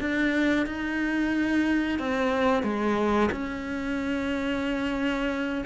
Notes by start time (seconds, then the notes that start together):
0.00 D4
0.66 D#4
1.99 C4
2.63 G#3
3.32 C#4